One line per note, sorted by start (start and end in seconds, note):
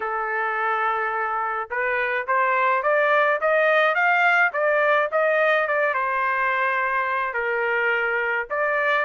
0.00 1.69 A4
1.70 2.26 B4
2.27 2.83 C5
2.83 3.39 D5
3.40 3.95 D#5
3.95 4.51 F5
4.53 5.09 D5
5.11 5.67 D#5
5.67 5.94 D5
5.94 7.33 C5
7.33 8.46 A#4
8.50 9.05 D5